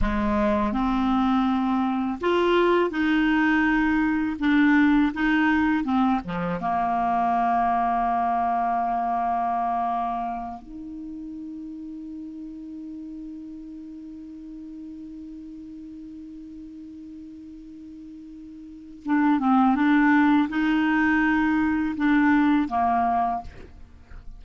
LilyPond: \new Staff \with { instrumentName = "clarinet" } { \time 4/4 \tempo 4 = 82 gis4 c'2 f'4 | dis'2 d'4 dis'4 | c'8 f8 ais2.~ | ais2~ ais8 dis'4.~ |
dis'1~ | dis'1~ | dis'2 d'8 c'8 d'4 | dis'2 d'4 ais4 | }